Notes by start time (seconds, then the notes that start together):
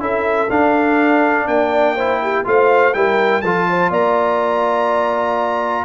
0.00 C#4 E4 A4 E5
0.50 D4 F5
1.48 A#3 D5 G5
1.96 E4 C5
2.23 G4
2.45 A3 F4 C5 F5
2.94 G3 E4 A#4 G5
3.42 F3 F4 A4 A5
3.70 C5
3.90 A#3 D5 A#5